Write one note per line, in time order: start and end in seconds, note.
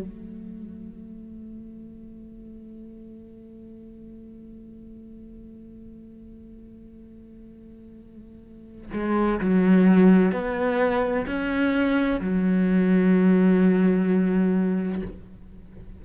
0.00 8.91 A3
8.93 9.40 G#3
9.40 10.32 F#3
10.32 11.26 B3
11.27 12.21 C#4
12.21 15.02 F#3